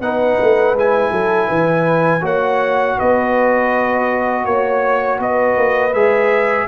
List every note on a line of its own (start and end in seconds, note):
0.00 0.37 B3
0.00 0.76 D#4
0.00 1.11 B4
0.00 0.75 F#5
0.40 0.73 A3
0.73 1.10 G#3
0.73 2.21 E4
0.73 2.25 G#5
1.11 1.48 F#3
1.11 1.48 A4
1.48 2.22 E3
1.48 2.22 B4
2.21 2.96 A#3
2.21 5.91 F#4
2.21 2.96 C#5
2.21 2.99 F#5
2.97 4.45 B3
2.97 4.45 B4
2.97 4.45 D#5
4.45 5.19 A#3
4.45 5.19 C#5
5.19 5.56 B3
5.19 6.67 B4
5.19 5.93 D#5
5.56 5.93 A#3
5.93 6.67 G#3
5.93 6.67 G#4
5.93 6.67 E5